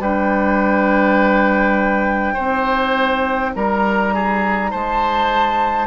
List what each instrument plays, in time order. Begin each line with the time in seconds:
0.00 bassoon G3, clarinet D4, oboe B4, flute G5
2.34 bassoon C4, clarinet D#4, oboe C5
3.55 bassoon G3, oboe A#4, flute A#5
4.14 oboe G#4
4.71 bassoon G#3, oboe C5, flute A5